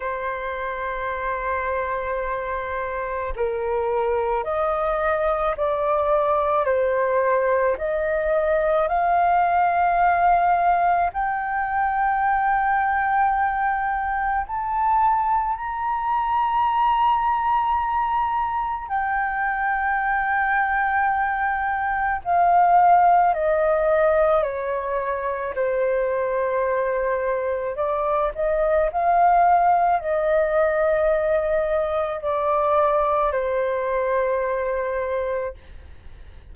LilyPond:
\new Staff \with { instrumentName = "flute" } { \time 4/4 \tempo 4 = 54 c''2. ais'4 | dis''4 d''4 c''4 dis''4 | f''2 g''2~ | g''4 a''4 ais''2~ |
ais''4 g''2. | f''4 dis''4 cis''4 c''4~ | c''4 d''8 dis''8 f''4 dis''4~ | dis''4 d''4 c''2 | }